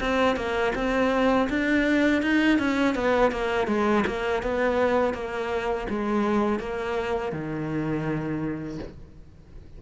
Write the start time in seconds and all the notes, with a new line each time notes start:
0.00 C4
0.36 A#3
0.75 C4
1.49 D4
2.22 D#4
2.58 C#4
2.95 B3
3.31 A#3
3.68 G#3
4.07 A#3
4.42 B3
5.14 A#3
5.89 G#3
6.60 A#3
7.32 D#3